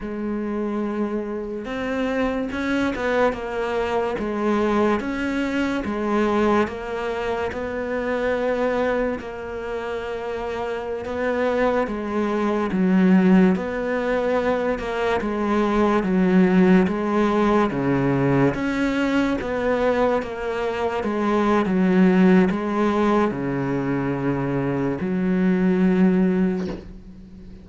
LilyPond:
\new Staff \with { instrumentName = "cello" } { \time 4/4 \tempo 4 = 72 gis2 c'4 cis'8 b8 | ais4 gis4 cis'4 gis4 | ais4 b2 ais4~ | ais4~ ais16 b4 gis4 fis8.~ |
fis16 b4. ais8 gis4 fis8.~ | fis16 gis4 cis4 cis'4 b8.~ | b16 ais4 gis8. fis4 gis4 | cis2 fis2 | }